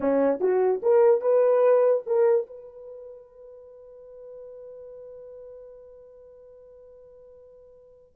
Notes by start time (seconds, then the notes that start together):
0.00 C#4
0.40 F#4
0.82 A#4
1.21 B4
2.06 A#4
2.46 B4